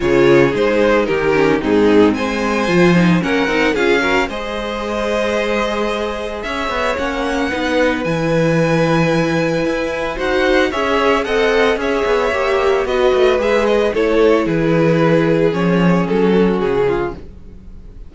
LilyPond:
<<
  \new Staff \with { instrumentName = "violin" } { \time 4/4 \tempo 4 = 112 cis''4 c''4 ais'4 gis'4 | gis''2 fis''4 f''4 | dis''1 | e''4 fis''2 gis''4~ |
gis''2. fis''4 | e''4 fis''4 e''2 | dis''4 e''8 dis''8 cis''4 b'4~ | b'4 cis''4 a'4 gis'4 | }
  \new Staff \with { instrumentName = "violin" } { \time 4/4 gis'2 g'4 dis'4 | c''2 ais'4 gis'8 ais'8 | c''1 | cis''2 b'2~ |
b'2. c''4 | cis''4 dis''4 cis''2 | b'2 a'4 gis'4~ | gis'2~ gis'8 fis'4 f'8 | }
  \new Staff \with { instrumentName = "viola" } { \time 4/4 f'4 dis'4. cis'8 c'4~ | c'4 f'8 dis'8 cis'8 dis'8 f'8 fis'8 | gis'1~ | gis'4 cis'4 dis'4 e'4~ |
e'2. fis'4 | gis'4 a'4 gis'4 g'4 | fis'4 gis'4 e'2~ | e'4 cis'2. | }
  \new Staff \with { instrumentName = "cello" } { \time 4/4 cis4 gis4 dis4 gis,4 | gis4 f4 ais8 c'8 cis'4 | gis1 | cis'8 b8 ais4 b4 e4~ |
e2 e'4 dis'4 | cis'4 c'4 cis'8 b8 ais4 | b8 a8 gis4 a4 e4~ | e4 f4 fis4 cis4 | }
>>